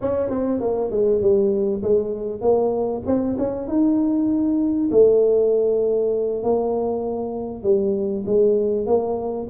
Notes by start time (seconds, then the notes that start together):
0.01 C#4
0.29 C4
0.60 A#3
0.90 G#3
1.21 G3
1.82 G#3
2.41 A#3
3.06 C4
3.38 C#4
3.67 D#4
4.91 A3
6.43 A#3
7.63 G3
8.26 G#3
8.86 A#3